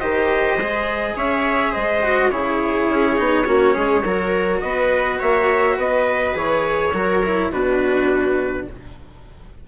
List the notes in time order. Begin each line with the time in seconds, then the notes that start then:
0.00 D#3 G4 C5 D#5
0.57 G#3 G#4
1.16 C#4 C#5 E5
1.72 G#3 C5 D#5
2.03 F#4
2.31 C#3 E4 G#4 C#5
2.89 C#4
3.17 B3 D#4
3.46 A#3 C#4 F#4
3.75 G#3 G#4
4.04 F#3 F#4 A#4
4.61 B3 B4 D#5
5.20 A#3 C#5 E5
5.76 B3 B4 D#5
6.35 E3 G#4 C#5
6.93 F#3 F#4 A#4
7.25 E4
7.51 B2 D4 F#4 B4